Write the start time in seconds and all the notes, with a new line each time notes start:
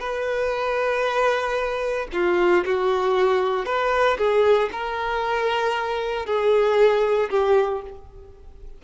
0.00 B4
2.13 F4
2.65 F#4
3.65 B4
4.18 G#4
4.72 A#4
6.26 G#4
7.30 G4